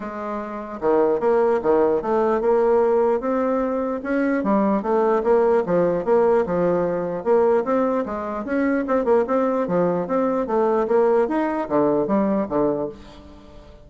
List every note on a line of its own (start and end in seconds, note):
0.00 0.80 G#3
0.81 1.20 D#3
1.20 1.60 A#3
1.62 2.01 D#3
2.01 2.40 A3
2.40 3.20 A#3
3.20 4.00 C4
4.03 4.43 C#4
4.43 4.82 G3
4.82 5.22 A3
5.23 5.63 A#3
5.66 6.04 F3
6.04 6.45 A#3
6.46 7.24 F3
7.24 7.64 A#3
7.64 8.04 C4
8.05 8.44 G#3
8.44 8.84 C#4
8.87 9.04 C4
9.04 9.25 A#3
9.27 9.67 C4
9.67 10.07 F3
10.07 10.46 C4
10.46 10.87 A3
10.87 11.28 A#3
11.28 11.68 D#4
11.69 12.07 D3
12.07 12.47 G3
12.48 12.89 D3